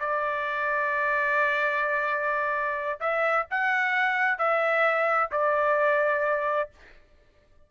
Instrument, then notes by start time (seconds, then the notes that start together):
trumpet
0.00 D5
3.01 E5
3.51 F#5
4.38 E5
5.32 D5